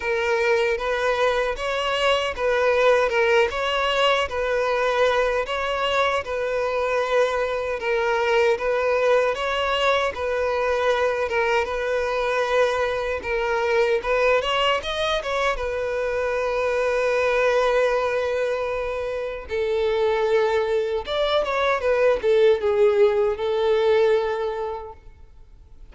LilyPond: \new Staff \with { instrumentName = "violin" } { \time 4/4 \tempo 4 = 77 ais'4 b'4 cis''4 b'4 | ais'8 cis''4 b'4. cis''4 | b'2 ais'4 b'4 | cis''4 b'4. ais'8 b'4~ |
b'4 ais'4 b'8 cis''8 dis''8 cis''8 | b'1~ | b'4 a'2 d''8 cis''8 | b'8 a'8 gis'4 a'2 | }